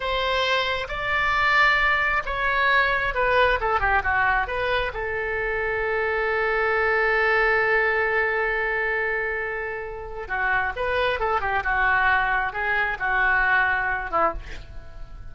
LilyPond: \new Staff \with { instrumentName = "oboe" } { \time 4/4 \tempo 4 = 134 c''2 d''2~ | d''4 cis''2 b'4 | a'8 g'8 fis'4 b'4 a'4~ | a'1~ |
a'1~ | a'2. fis'4 | b'4 a'8 g'8 fis'2 | gis'4 fis'2~ fis'8 e'8 | }